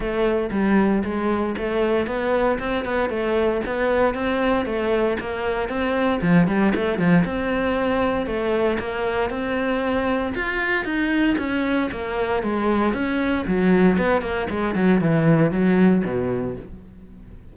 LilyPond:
\new Staff \with { instrumentName = "cello" } { \time 4/4 \tempo 4 = 116 a4 g4 gis4 a4 | b4 c'8 b8 a4 b4 | c'4 a4 ais4 c'4 | f8 g8 a8 f8 c'2 |
a4 ais4 c'2 | f'4 dis'4 cis'4 ais4 | gis4 cis'4 fis4 b8 ais8 | gis8 fis8 e4 fis4 b,4 | }